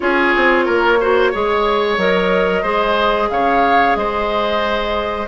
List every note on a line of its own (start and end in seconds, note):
0.00 0.34 C#4
0.00 0.98 F4
0.00 0.65 G#4
0.00 1.96 C#5
0.35 0.67 C4
0.65 1.33 A#3
0.65 0.98 A#4
1.00 1.32 F#4
1.00 1.31 C5
1.31 1.97 G#3
1.31 1.98 G#4
1.31 2.62 C#5
1.97 2.63 F#3
1.97 2.64 A#4
1.97 3.30 D#5
2.62 3.29 G#3
2.62 5.27 G#4
2.62 3.28 C5
3.30 3.95 C#3
3.30 3.98 C#5
3.30 3.95 F5
3.95 5.27 G#3
3.95 5.27 C5
3.95 5.27 D#5